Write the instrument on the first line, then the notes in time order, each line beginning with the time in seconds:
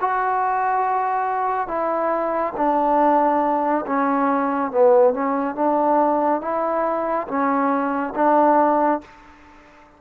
trombone
0.00 F#4
1.67 E4
2.56 D4
3.86 C#4
4.71 B3
5.13 C#4
5.55 D4
6.41 E4
7.27 C#4
8.15 D4